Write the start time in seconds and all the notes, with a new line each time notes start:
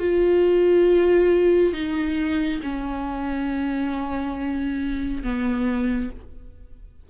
0.00 F4
1.74 D#4
2.63 C#4
5.24 B3